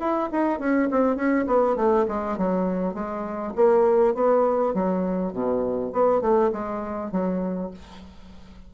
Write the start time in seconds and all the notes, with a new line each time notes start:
0.00 E4
0.32 D#4
0.59 C#4
0.91 C4
1.16 C#4
1.47 B3
1.76 A3
2.08 G#3
2.38 F#3
2.94 G#3
3.56 A#3
4.15 B3
4.74 F#3
5.33 B2
5.93 B3
6.22 A3
6.53 G#3
7.12 F#3